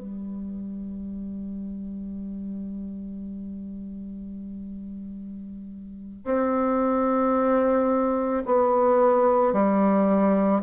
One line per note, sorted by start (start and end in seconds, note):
0.00 6.25 G3
6.25 8.43 C4
8.46 9.54 B3
9.54 10.63 G3